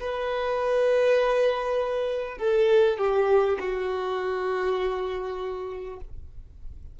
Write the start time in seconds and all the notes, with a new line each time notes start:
0.00 B4
2.38 A4
2.98 G4
3.59 F#4